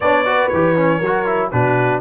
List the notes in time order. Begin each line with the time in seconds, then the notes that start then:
0.00 B3 D4 C#5 D5
0.25 F#4 B4
0.48 E3 G4 C#5
0.75 C#4
0.98 F#3 A#4
1.06 F#4
1.26 E4
1.51 B2 D4 F#4 B4